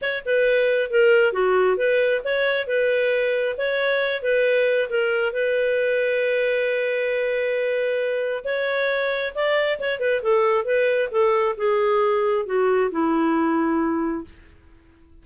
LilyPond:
\new Staff \with { instrumentName = "clarinet" } { \time 4/4 \tempo 4 = 135 cis''8 b'4. ais'4 fis'4 | b'4 cis''4 b'2 | cis''4. b'4. ais'4 | b'1~ |
b'2. cis''4~ | cis''4 d''4 cis''8 b'8 a'4 | b'4 a'4 gis'2 | fis'4 e'2. | }